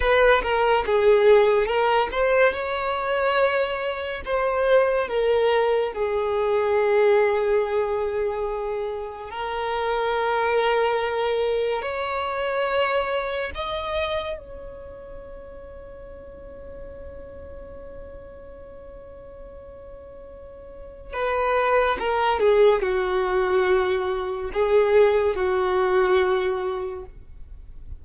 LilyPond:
\new Staff \with { instrumentName = "violin" } { \time 4/4 \tempo 4 = 71 b'8 ais'8 gis'4 ais'8 c''8 cis''4~ | cis''4 c''4 ais'4 gis'4~ | gis'2. ais'4~ | ais'2 cis''2 |
dis''4 cis''2.~ | cis''1~ | cis''4 b'4 ais'8 gis'8 fis'4~ | fis'4 gis'4 fis'2 | }